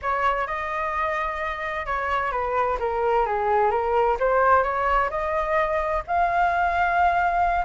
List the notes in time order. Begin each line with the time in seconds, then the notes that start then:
0.02 C#5
0.46 D#5
1.86 C#5
2.31 B4
2.79 A#4
3.26 G#4
3.70 A#4
4.19 C5
4.63 C#5
5.10 D#5
6.07 F5